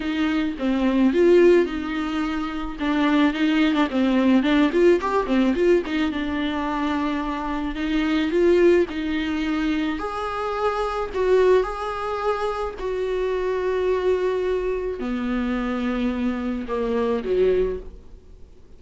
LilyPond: \new Staff \with { instrumentName = "viola" } { \time 4/4 \tempo 4 = 108 dis'4 c'4 f'4 dis'4~ | dis'4 d'4 dis'8. d'16 c'4 | d'8 f'8 g'8 c'8 f'8 dis'8 d'4~ | d'2 dis'4 f'4 |
dis'2 gis'2 | fis'4 gis'2 fis'4~ | fis'2. b4~ | b2 ais4 fis4 | }